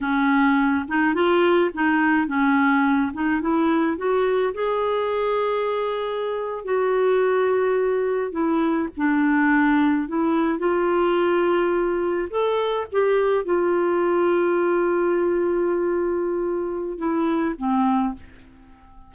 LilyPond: \new Staff \with { instrumentName = "clarinet" } { \time 4/4 \tempo 4 = 106 cis'4. dis'8 f'4 dis'4 | cis'4. dis'8 e'4 fis'4 | gis'2.~ gis'8. fis'16~ | fis'2~ fis'8. e'4 d'16~ |
d'4.~ d'16 e'4 f'4~ f'16~ | f'4.~ f'16 a'4 g'4 f'16~ | f'1~ | f'2 e'4 c'4 | }